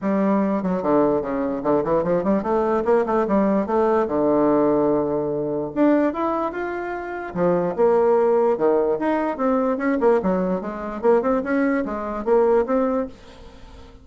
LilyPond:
\new Staff \with { instrumentName = "bassoon" } { \time 4/4 \tempo 4 = 147 g4. fis8 d4 cis4 | d8 e8 f8 g8 a4 ais8 a8 | g4 a4 d2~ | d2 d'4 e'4 |
f'2 f4 ais4~ | ais4 dis4 dis'4 c'4 | cis'8 ais8 fis4 gis4 ais8 c'8 | cis'4 gis4 ais4 c'4 | }